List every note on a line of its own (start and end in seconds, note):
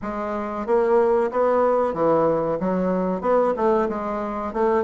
0.01 0.66 G#3
0.66 1.30 A#3
1.31 1.93 B3
1.93 2.58 E3
2.60 3.21 F#3
3.21 3.53 B3
3.56 3.88 A3
3.89 4.53 G#3
4.53 4.84 A3